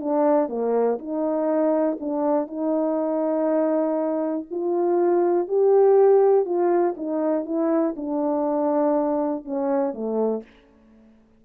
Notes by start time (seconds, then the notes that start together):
0.00 D4
0.49 A#3
0.99 D#4
2.00 D4
2.47 D#4
4.51 F4
5.48 G4
6.45 F4
6.97 D#4
7.45 E4
7.96 D4
9.45 C#4
9.94 A3